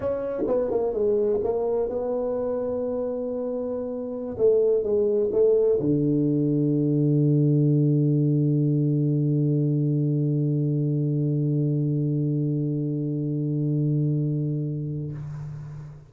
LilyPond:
\new Staff \with { instrumentName = "tuba" } { \time 4/4 \tempo 4 = 127 cis'4 b8 ais8 gis4 ais4 | b1~ | b4~ b16 a4 gis4 a8.~ | a16 d2.~ d8.~ |
d1~ | d1~ | d1~ | d1 | }